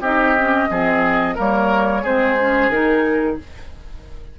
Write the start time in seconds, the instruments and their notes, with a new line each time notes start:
0.00 bassoon C4, clarinet D#4, oboe G4, flute D#5
0.39 clarinet C#4
0.70 bassoon F3, clarinet C4, oboe G#4
1.35 bassoon G3, clarinet A#3, oboe A#4, flute C#5
2.02 bassoon G#3, clarinet C4, oboe G#4, flute C5
2.40 clarinet C#4
2.69 bassoon D#3, clarinet D#4, flute A#4